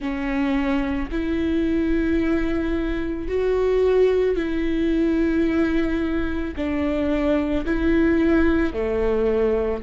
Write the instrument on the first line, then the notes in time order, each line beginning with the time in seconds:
viola
0.00 C#4
1.11 E4
3.28 F#4
4.36 E4
6.56 D4
7.65 E4
8.73 A3